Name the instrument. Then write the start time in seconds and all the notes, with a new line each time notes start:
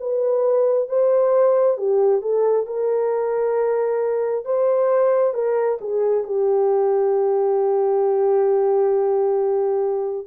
horn
0.00 B4
0.89 C5
1.77 G4
2.21 A4
2.67 A#4
4.45 C5
5.34 A#4
5.81 G#4
6.24 G4